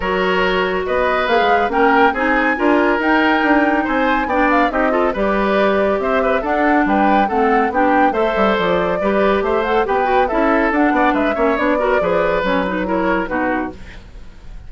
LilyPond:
<<
  \new Staff \with { instrumentName = "flute" } { \time 4/4 \tempo 4 = 140 cis''2 dis''4 f''4 | g''4 gis''2 g''4~ | g''4 gis''4 g''8 f''8 dis''4 | d''2 e''4 fis''4 |
g''4 fis''4 g''4 e''4 | d''2 e''8 fis''8 g''4 | e''4 fis''4 e''4 d''4~ | d''4 cis''8 b'8 cis''4 b'4 | }
  \new Staff \with { instrumentName = "oboe" } { \time 4/4 ais'2 b'2 | ais'4 gis'4 ais'2~ | ais'4 c''4 d''4 g'8 a'8 | b'2 c''8 b'8 a'4 |
b'4 a'4 g'4 c''4~ | c''4 b'4 c''4 b'4 | a'4. d''8 b'8 cis''4 ais'8 | b'2 ais'4 fis'4 | }
  \new Staff \with { instrumentName = "clarinet" } { \time 4/4 fis'2. gis'4 | cis'4 dis'4 f'4 dis'4~ | dis'2 d'4 dis'8 f'8 | g'2. d'4~ |
d'4 c'4 d'4 a'4~ | a'4 g'4. a'8 g'8 fis'8 | e'4 d'4. cis'8 d'8 fis'8 | gis'4 cis'8 dis'8 e'4 dis'4 | }
  \new Staff \with { instrumentName = "bassoon" } { \time 4/4 fis2 b4 ais16 gis8. | ais4 c'4 d'4 dis'4 | d'4 c'4 b4 c'4 | g2 c'4 d'4 |
g4 a4 b4 a8 g8 | f4 g4 a4 b4 | cis'4 d'8 b8 gis8 ais8 b4 | f4 fis2 b,4 | }
>>